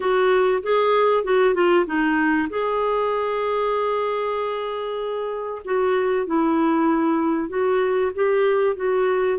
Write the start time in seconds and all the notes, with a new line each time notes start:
0.00 F#4
0.62 G#4
1.24 F#4
1.54 F4
1.86 D#4
2.49 G#4
5.64 F#4
6.26 E4
7.49 F#4
8.14 G4
8.76 F#4